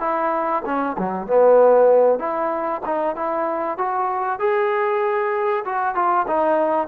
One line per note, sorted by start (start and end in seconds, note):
0.00 0.62 E4
0.65 0.96 C#4
0.98 1.27 F#3
1.27 2.19 B3
2.19 2.81 E4
2.85 3.16 D#4
3.16 3.77 E4
3.77 4.39 F#4
4.39 5.64 G#4
5.65 5.95 F#4
5.95 6.26 F4
6.27 6.87 D#4